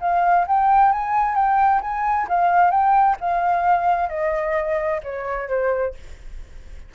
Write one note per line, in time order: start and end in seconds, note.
0.00 0.46 F5
0.47 0.92 G5
0.92 1.35 G#5
1.35 1.80 G5
1.81 2.27 G#5
2.28 2.70 F5
2.70 3.16 G5
3.20 4.09 F5
4.09 5.01 D#5
5.03 5.48 C#5
5.48 5.94 C5